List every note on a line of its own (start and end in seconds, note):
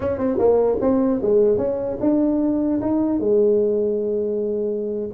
0.00 0.18 C#4
0.18 0.38 C4
0.38 0.78 A#3
0.81 1.21 C4
1.21 1.57 G#3
1.57 1.97 C#4
2.00 2.80 D4
2.81 3.19 D#4
3.19 5.09 G#3